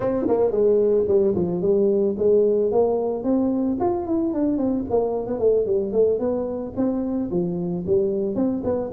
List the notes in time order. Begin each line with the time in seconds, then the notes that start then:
0.00 C4
0.27 A#3
0.51 G#3
1.07 G3
1.35 F3
1.61 G3
2.17 G#3
2.71 A#3
3.23 C4
3.80 F4
4.06 E4
4.33 D4
4.57 C4
4.89 A#3
5.27 B3
5.38 A3
5.65 G3
5.92 A3
6.19 B3
6.76 C4
7.30 F3
7.86 G3
8.35 C4
8.63 B3